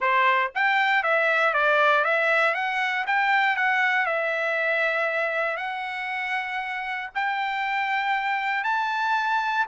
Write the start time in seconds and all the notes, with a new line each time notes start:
0.00 C5
0.55 G5
1.03 E5
1.53 D5
2.04 E5
2.54 F#5
3.06 G5
3.56 F#5
4.06 E5
5.57 F#5
7.14 G5
8.64 A5